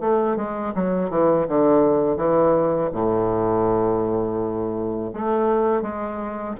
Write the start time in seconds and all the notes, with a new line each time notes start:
0.00 A3
0.36 G#3
0.74 F#3
1.10 E3
1.48 D3
2.17 E3
2.92 A2
5.13 A3
5.82 G#3